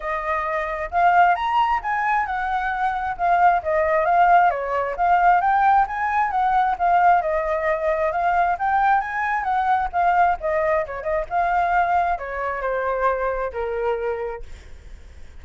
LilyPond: \new Staff \with { instrumentName = "flute" } { \time 4/4 \tempo 4 = 133 dis''2 f''4 ais''4 | gis''4 fis''2 f''4 | dis''4 f''4 cis''4 f''4 | g''4 gis''4 fis''4 f''4 |
dis''2 f''4 g''4 | gis''4 fis''4 f''4 dis''4 | cis''8 dis''8 f''2 cis''4 | c''2 ais'2 | }